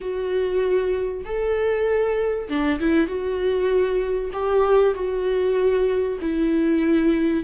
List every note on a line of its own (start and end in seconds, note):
0.00 1.24 F#4
1.24 2.48 A4
2.48 2.79 D4
2.79 3.07 E4
3.07 4.30 F#4
4.32 4.94 G4
4.94 6.18 F#4
6.21 7.43 E4